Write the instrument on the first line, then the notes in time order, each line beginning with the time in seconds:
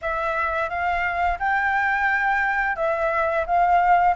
flute
0.01 E5
0.69 F5
1.39 G5
2.76 E5
3.46 F5